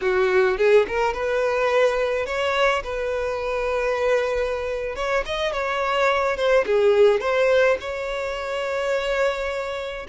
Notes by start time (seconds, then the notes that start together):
0.01 F#4
0.57 G#4
0.87 A#4
1.13 B4
2.26 C#5
2.83 B4
4.95 C#5
5.25 D#5
5.52 C#5
6.36 C5
6.66 G#4
7.20 C5
7.80 C#5